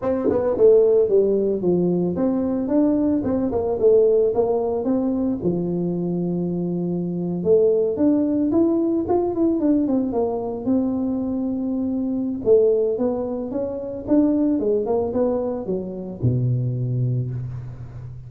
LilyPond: \new Staff \with { instrumentName = "tuba" } { \time 4/4 \tempo 4 = 111 c'8 b8 a4 g4 f4 | c'4 d'4 c'8 ais8 a4 | ais4 c'4 f2~ | f4.~ f16 a4 d'4 e'16~ |
e'8. f'8 e'8 d'8 c'8 ais4 c'16~ | c'2. a4 | b4 cis'4 d'4 gis8 ais8 | b4 fis4 b,2 | }